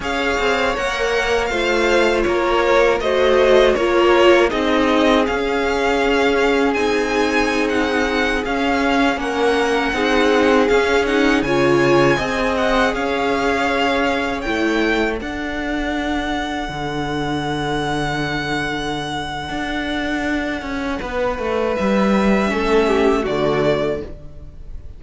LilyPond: <<
  \new Staff \with { instrumentName = "violin" } { \time 4/4 \tempo 4 = 80 f''4 fis''4 f''4 cis''4 | dis''4 cis''4 dis''4 f''4~ | f''4 gis''4~ gis''16 fis''4 f''8.~ | f''16 fis''2 f''8 fis''8 gis''8.~ |
gis''8. fis''8 f''2 g''8.~ | g''16 fis''2.~ fis''8.~ | fis''1~ | fis''4 e''2 d''4 | }
  \new Staff \with { instrumentName = "violin" } { \time 4/4 cis''2 c''4 ais'4 | c''4 ais'4 gis'2~ | gis'1~ | gis'16 ais'4 gis'2 cis''8.~ |
cis''16 dis''4 cis''2~ cis''8.~ | cis''16 a'2.~ a'8.~ | a'1 | b'2 a'8 g'8 fis'4 | }
  \new Staff \with { instrumentName = "viola" } { \time 4/4 gis'4 ais'4 f'2 | fis'4 f'4 dis'4 cis'4~ | cis'4 dis'2~ dis'16 cis'8.~ | cis'4~ cis'16 dis'4 cis'8 dis'8 f'8.~ |
f'16 gis'2. e'8.~ | e'16 d'2.~ d'8.~ | d'1~ | d'2 cis'4 a4 | }
  \new Staff \with { instrumentName = "cello" } { \time 4/4 cis'8 c'8 ais4 a4 ais4 | a4 ais4 c'4 cis'4~ | cis'4 c'2~ c'16 cis'8.~ | cis'16 ais4 c'4 cis'4 cis8.~ |
cis16 c'4 cis'2 a8.~ | a16 d'2 d4.~ d16~ | d2 d'4. cis'8 | b8 a8 g4 a4 d4 | }
>>